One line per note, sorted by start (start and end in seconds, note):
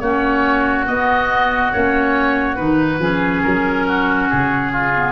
0.00 0.87 A#3
0.00 0.87 C#4
0.00 3.01 F#4
0.00 0.86 C#5
0.87 1.72 B3
0.87 1.73 B3
0.87 1.72 D#5
1.72 2.60 A#3
1.72 2.57 C#4
1.72 2.56 C#5
2.56 2.99 D#3
2.56 2.99 D#4
2.56 3.42 B4
2.99 3.42 F3
2.99 4.94 C#4
2.99 3.87 G#4
3.43 4.31 F#3
3.43 4.29 A#4
3.87 4.72 F#4
4.29 5.12 C#3
4.29 5.12 G#4
4.72 5.12 F4
4.94 5.12 B3